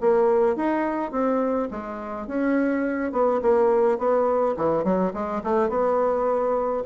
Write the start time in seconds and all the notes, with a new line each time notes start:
0.00 A#3
0.56 D#4
1.11 C4
1.71 G#3
2.27 C#4
3.12 B3
3.42 A#3
3.98 B3
4.57 E3
4.84 F#3
5.13 G#3
5.43 A3
5.69 B3